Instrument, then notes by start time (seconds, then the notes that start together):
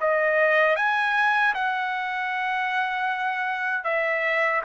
trumpet
0.00 D#5
0.76 G#5
1.54 F#5
3.84 E5